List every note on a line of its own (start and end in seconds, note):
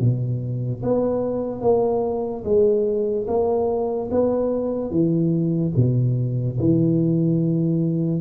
0.00 0.82 B2
0.83 1.61 B3
1.61 2.43 A#3
2.44 3.27 G#3
3.27 4.09 A#3
4.11 4.91 B3
4.91 5.73 E3
5.76 6.58 B2
6.60 8.21 E3